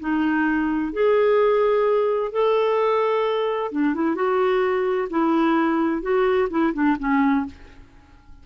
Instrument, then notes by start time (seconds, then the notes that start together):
clarinet
0.00 D#4
0.93 G#4
2.32 A4
3.72 D4
3.94 E4
4.15 F#4
5.10 E4
6.02 F#4
6.50 E4
6.73 D4
6.99 C#4